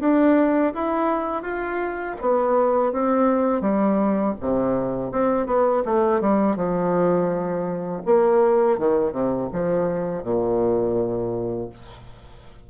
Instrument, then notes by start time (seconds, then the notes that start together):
bassoon
0.00 D4
0.74 E4
1.42 F4
2.21 B3
2.93 C4
3.62 G3
4.41 C3
5.12 C4
5.46 B3
5.85 A3
6.21 G3
6.56 F3
8.06 A#3
8.79 D#3
9.12 C3
9.53 F3
10.24 A#2